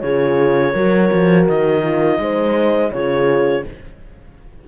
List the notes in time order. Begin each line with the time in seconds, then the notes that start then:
0.00 C#3 F4 G#4 C#5
0.72 F#3 F#4 A#4
1.12 F3
1.47 D#3 D#5
1.83 F4
2.19 G#3 D#4 C5
2.91 C#3 F4 G#4 C#5